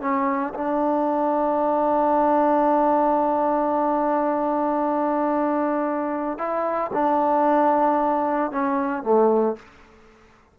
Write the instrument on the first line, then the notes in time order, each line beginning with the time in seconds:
trombone
0.00 C#4
0.54 D4
6.38 E4
6.93 D4
8.51 C#4
9.02 A3